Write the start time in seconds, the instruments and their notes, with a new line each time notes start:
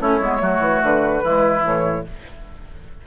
0.00 bassoon A3, clarinet C#4, oboe E4, flute C#5
0.21 bassoon G#3, clarinet B3
0.38 bassoon F#3, clarinet A3, oboe F#4
0.60 bassoon E3
0.84 bassoon D3, flute B4
1.24 bassoon E3, clarinet G#3, oboe E4
1.61 bassoon A2, clarinet E3, flute C#5